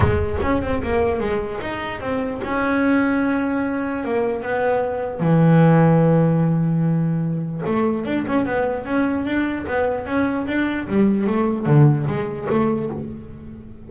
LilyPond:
\new Staff \with { instrumentName = "double bass" } { \time 4/4 \tempo 4 = 149 gis4 cis'8 c'8 ais4 gis4 | dis'4 c'4 cis'2~ | cis'2 ais4 b4~ | b4 e2.~ |
e2. a4 | d'8 cis'8 b4 cis'4 d'4 | b4 cis'4 d'4 g4 | a4 d4 gis4 a4 | }